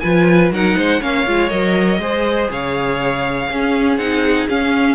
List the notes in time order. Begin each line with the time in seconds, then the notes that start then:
0.00 F3 F4 B4 G#5
0.51 F#3 D#4 A#4 F#5
0.77 G#3 C5
1.00 A#3 C#4 C#5 F5
1.26 G#3 F4
1.49 F#3 A#4 D#5
1.99 G#3 G#4 C5
2.51 C#3 C#5 F5
3.49 C#4 G#4
3.97 C4 D#4 F#5
4.49 C#4 F5